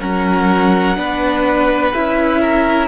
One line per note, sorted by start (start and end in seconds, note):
0.00 0.96 F#3
0.00 0.97 C#4
0.00 0.97 A#4
0.00 1.93 F#5
0.96 1.93 B3
0.96 1.93 D4
0.96 2.41 B4
1.93 2.88 C#4
1.93 2.88 E4
1.93 2.88 E5
2.41 2.88 A#4